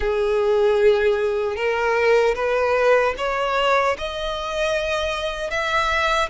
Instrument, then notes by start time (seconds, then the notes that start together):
violin
0.00 G#4
1.55 A#4
2.35 B4
3.17 C#5
3.98 D#5
5.50 E5